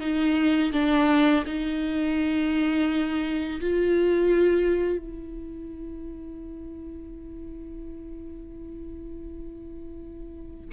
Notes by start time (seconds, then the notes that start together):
0.00 D#4
0.72 D4
1.46 D#4
3.61 F4
4.98 E4